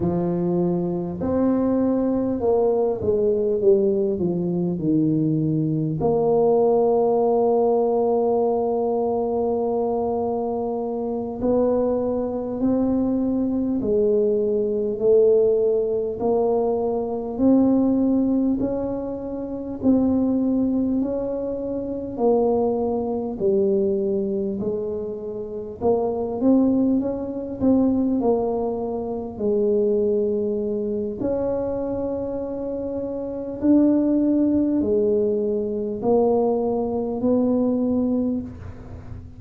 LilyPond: \new Staff \with { instrumentName = "tuba" } { \time 4/4 \tempo 4 = 50 f4 c'4 ais8 gis8 g8 f8 | dis4 ais2.~ | ais4. b4 c'4 gis8~ | gis8 a4 ais4 c'4 cis'8~ |
cis'8 c'4 cis'4 ais4 g8~ | g8 gis4 ais8 c'8 cis'8 c'8 ais8~ | ais8 gis4. cis'2 | d'4 gis4 ais4 b4 | }